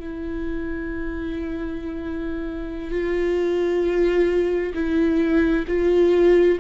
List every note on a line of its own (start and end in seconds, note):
0.00 2.92 E4
2.92 4.74 F4
4.74 5.65 E4
5.68 6.59 F4